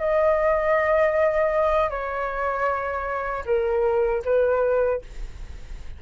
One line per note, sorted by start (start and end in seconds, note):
0.00 1.91 D#5
1.91 3.44 C#5
3.46 4.23 A#4
4.25 5.02 B4